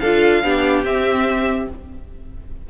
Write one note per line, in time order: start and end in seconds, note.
0.00 0.44 D4
0.00 0.44 F4
0.00 0.43 A4
0.00 0.84 F5
0.44 0.84 B3
0.44 0.86 D4
0.44 1.70 G4
0.84 1.68 C4
0.84 1.70 C4
0.84 1.69 E5